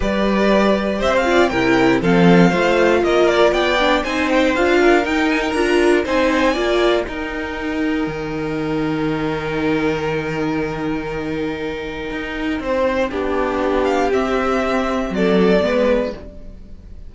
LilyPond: <<
  \new Staff \with { instrumentName = "violin" } { \time 4/4 \tempo 4 = 119 d''2 e''16 f''8. g''4 | f''2 dis''8 d''8 g''4 | gis''8 g''8 f''4 g''8 gis''16 g''16 ais''4 | gis''2 g''2~ |
g''1~ | g''1~ | g''2.~ g''8 f''8 | e''2 d''2 | }
  \new Staff \with { instrumentName = "violin" } { \time 4/4 b'2 c''8 d''8 ais'4 | a'4 c''4 ais'4 d''4 | c''4. ais'2~ ais'8 | c''4 d''4 ais'2~ |
ais'1~ | ais'1~ | ais'4 c''4 g'2~ | g'2 a'4 b'4 | }
  \new Staff \with { instrumentName = "viola" } { \time 4/4 g'2~ g'8 f'8 e'4 | c'4 f'2~ f'8 d'8 | dis'4 f'4 dis'4 f'4 | dis'4 f'4 dis'2~ |
dis'1~ | dis'1~ | dis'2 d'2 | c'2. b4 | }
  \new Staff \with { instrumentName = "cello" } { \time 4/4 g2 c'4 c4 | f4 a4 ais4 b4 | c'4 d'4 dis'4 d'4 | c'4 ais4 dis'2 |
dis1~ | dis1 | dis'4 c'4 b2 | c'2 fis4 gis4 | }
>>